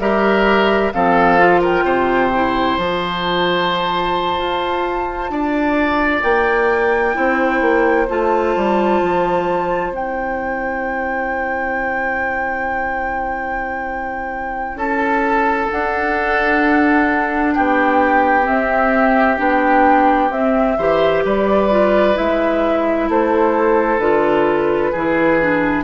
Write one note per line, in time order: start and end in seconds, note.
0.00 0.92 G3
0.00 0.93 G4
0.00 0.93 A#4
0.00 0.93 E5
0.93 1.85 F3
0.93 1.39 C4
0.93 1.61 A4
0.93 1.62 F5
1.39 2.32 F4
1.61 1.84 A#4
1.61 2.77 G5
1.85 2.77 C3
1.85 5.32 C5
2.35 2.81 E4
2.77 4.39 F3
2.77 7.14 F4
2.77 6.23 A5
4.39 5.31 F4
5.31 6.23 D4
5.31 7.16 D5
6.23 7.16 A#3
6.23 8.08 G5
7.14 7.62 C4
7.14 8.07 E4
7.14 14.78 C5
7.62 8.08 A#3
8.09 8.56 A3
8.09 9.93 F4
8.09 9.94 A5
8.56 9.02 G3
9.02 9.91 F3
9.91 14.75 C4
9.91 15.70 E4
9.91 14.78 G5
14.75 15.68 C#4
14.75 17.55 A4
14.75 15.71 A5
15.71 18.44 D4
15.71 17.57 D4
15.71 17.54 F#5
17.54 18.49 B3
17.54 20.78 G4
17.54 18.46 G5
18.44 19.36 C4
18.44 19.39 C4
18.44 19.39 E5
19.38 20.31 B3
19.38 20.30 D4
19.38 20.33 G5
20.31 20.77 C4
20.31 20.79 C4
20.31 21.25 E5
20.78 21.24 E3
20.78 21.71 G4
20.78 21.24 C5
21.25 22.17 G3
21.25 23.09 B4
21.25 22.17 D5
21.71 22.15 F4
22.15 23.09 G#3
22.15 24.00 E4
22.15 23.10 E5
23.09 23.98 A3
23.09 24.92 A4
23.09 24.00 C5
23.98 24.91 D3
23.98 24.94 F4
23.98 25.84 B4
24.92 25.85 E3
24.92 25.42 E4
24.92 25.84 G#4
25.42 25.85 D4